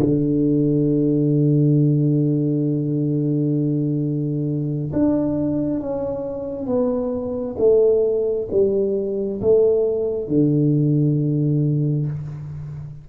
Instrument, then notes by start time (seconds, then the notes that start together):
tuba
0.00 D3
4.93 D4
5.80 C#4
6.67 B3
7.59 A3
8.52 G3
9.42 A3
10.28 D3